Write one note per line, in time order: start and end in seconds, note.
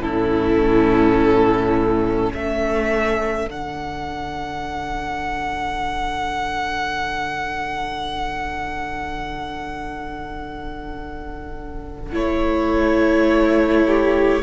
0.00 2.31 A2
0.00 3.48 C#4
0.00 2.32 E4
0.00 2.33 A4
2.32 3.46 A3
2.32 13.86 A4
2.32 3.49 E5
3.46 12.12 D3
3.46 12.12 D4
3.46 12.15 F#5
12.12 14.43 A3
12.12 14.43 E4
12.12 14.44 C#5
13.87 14.44 G4